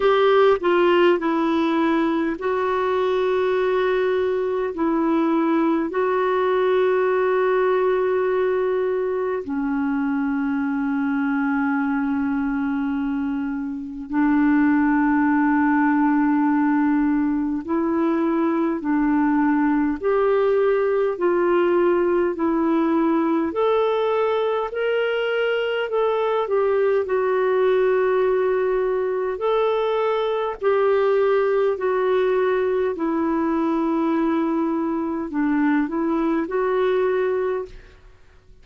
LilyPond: \new Staff \with { instrumentName = "clarinet" } { \time 4/4 \tempo 4 = 51 g'8 f'8 e'4 fis'2 | e'4 fis'2. | cis'1 | d'2. e'4 |
d'4 g'4 f'4 e'4 | a'4 ais'4 a'8 g'8 fis'4~ | fis'4 a'4 g'4 fis'4 | e'2 d'8 e'8 fis'4 | }